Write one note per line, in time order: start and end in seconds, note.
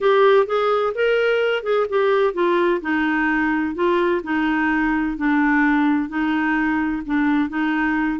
0.00 0.46 G4
0.46 0.93 G#4
0.94 1.63 A#4
1.63 1.86 G#4
1.89 2.33 G4
2.33 2.80 F4
2.81 3.74 D#4
3.74 4.21 F4
4.23 5.17 D#4
5.17 6.08 D4
6.08 7.02 D#4
7.06 7.49 D4
7.49 8.19 D#4